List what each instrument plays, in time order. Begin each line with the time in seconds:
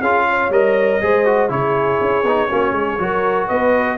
0.00 tuba C#4, trombone F4, horn G#4, trumpet F5
0.30 horn C#5
0.50 tuba G3, trombone A#4, trumpet D#5
1.01 tuba G#3, trombone G#4, horn C5
1.26 trombone F#4
1.49 tuba C#3, trombone E4, horn G#4, trumpet C#5
2.01 tuba C#4
2.23 tuba B3, trombone D#4
2.49 tuba A#3, trombone C#4, horn F#4
2.73 tuba G#3, horn G#4
2.99 tuba F#3, trombone F#4, horn A#4
3.47 tuba B3, horn B4, trumpet D#5